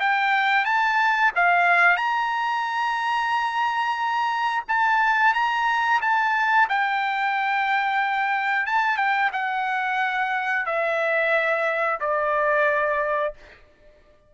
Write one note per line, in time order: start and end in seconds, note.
0.00 0.65 G5
0.65 1.32 A5
1.36 1.97 F5
1.97 4.64 A#5
4.68 5.34 A5
5.34 6.01 A#5
6.02 6.68 A5
6.69 8.67 G5
8.67 8.98 A5
8.98 9.31 G5
9.33 10.66 F#5
10.66 12.00 E5
12.01 13.34 D5